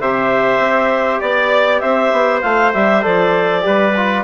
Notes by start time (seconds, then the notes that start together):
0.00 C3 G4 C5 E5
0.59 C4
1.21 B3 D5
1.80 C4 C5 E5
2.12 B3
2.41 A3 F4 F5
2.73 G3 G4 E5
3.02 F3 A4 D5
3.61 G3 G4 B4
3.97 F4